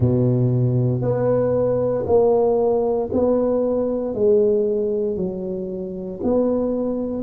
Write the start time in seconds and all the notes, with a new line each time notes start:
0.00 B2
1.01 B3
2.06 A#3
3.12 B3
4.14 G#3
5.16 F#3
6.23 B3